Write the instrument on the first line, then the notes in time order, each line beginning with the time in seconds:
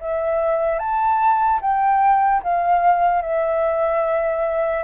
flute
0.00 E5
0.79 A5
1.61 G5
2.43 F5
3.22 E5